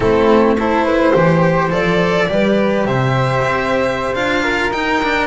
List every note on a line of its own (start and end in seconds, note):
0.00 1.12 A3
0.00 0.57 C4
0.00 0.55 E4
0.00 0.57 A4
0.58 1.13 E4
0.58 0.85 A4
0.58 1.72 C5
0.85 1.11 B4
1.11 1.71 E3
1.11 1.70 G4
1.11 2.25 C5
1.70 2.28 F3
1.70 2.27 A4
1.70 2.86 D5
2.28 2.85 G3
2.28 4.14 G4
2.28 2.87 B4
2.85 3.42 C3
2.85 4.42 C5
2.85 4.14 E5
3.44 4.15 C4
4.14 4.72 D4
4.14 4.72 F4
4.14 4.71 F5
4.42 5.27 A#4
4.72 5.27 D#4
4.72 5.02 D#4
4.72 5.27 G5
5.03 5.27 D4